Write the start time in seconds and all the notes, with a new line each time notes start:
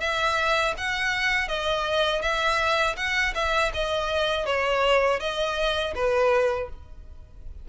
0.00 E5
0.77 F#5
1.48 D#5
2.22 E5
2.97 F#5
3.34 E5
3.74 D#5
4.46 C#5
5.20 D#5
5.95 B4